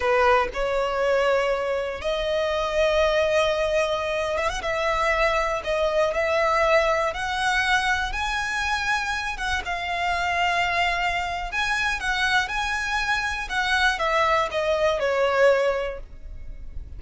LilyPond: \new Staff \with { instrumentName = "violin" } { \time 4/4 \tempo 4 = 120 b'4 cis''2. | dis''1~ | dis''8. e''16 fis''16 e''2 dis''8.~ | dis''16 e''2 fis''4.~ fis''16~ |
fis''16 gis''2~ gis''8 fis''8 f''8.~ | f''2. gis''4 | fis''4 gis''2 fis''4 | e''4 dis''4 cis''2 | }